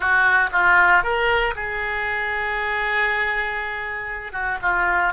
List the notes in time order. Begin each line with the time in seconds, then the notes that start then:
0.00 F#4
0.52 F4
1.03 A#4
1.55 G#4
4.32 F#4
4.62 F4